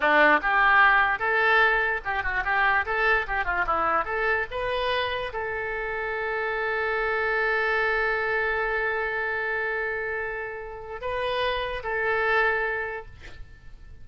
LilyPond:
\new Staff \with { instrumentName = "oboe" } { \time 4/4 \tempo 4 = 147 d'4 g'2 a'4~ | a'4 g'8 fis'8 g'4 a'4 | g'8 f'8 e'4 a'4 b'4~ | b'4 a'2.~ |
a'1~ | a'1~ | a'2. b'4~ | b'4 a'2. | }